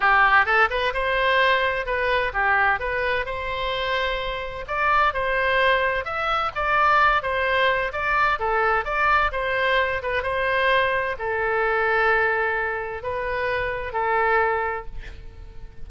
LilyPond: \new Staff \with { instrumentName = "oboe" } { \time 4/4 \tempo 4 = 129 g'4 a'8 b'8 c''2 | b'4 g'4 b'4 c''4~ | c''2 d''4 c''4~ | c''4 e''4 d''4. c''8~ |
c''4 d''4 a'4 d''4 | c''4. b'8 c''2 | a'1 | b'2 a'2 | }